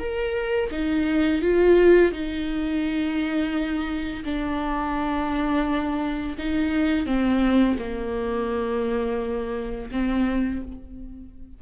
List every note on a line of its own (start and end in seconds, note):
0.00 0.71 A#4
0.72 1.42 D#4
1.42 2.13 F4
2.13 4.24 D#4
4.25 6.37 D4
6.39 7.07 D#4
7.07 7.77 C4
7.79 9.91 A#3
9.92 10.62 C4